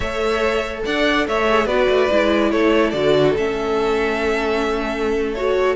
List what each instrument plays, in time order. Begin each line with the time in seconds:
0.00 cello A3, viola A4, violin C#5 E5
0.85 cello D4, violin D5 F#5
1.27 cello A3, violin C#5 E5
1.48 viola G#4
1.65 cello B3, viola F#4, violin B4 D5
1.88 cello A3
2.10 cello G#3, viola E4
2.51 cello A3, violin A4 C#5
2.90 cello D3, viola F#4, violin D5
3.36 cello A3, viola C#4, violin E5
5.34 viola F#4, violin C#5